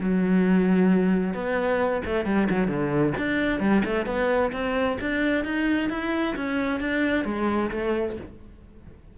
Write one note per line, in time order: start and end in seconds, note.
0.00 1.34 F#3
1.34 2.02 B3
2.05 2.25 A3
2.25 2.48 G3
2.50 2.68 F#3
2.68 3.13 D3
3.17 3.60 D4
3.60 3.83 G3
3.85 4.06 A3
4.06 4.51 B3
4.52 4.98 C4
5.01 5.44 D4
5.44 5.90 D#4
5.90 6.35 E4
6.36 6.80 C#4
6.80 7.25 D4
7.25 7.70 G#3
7.71 8.16 A3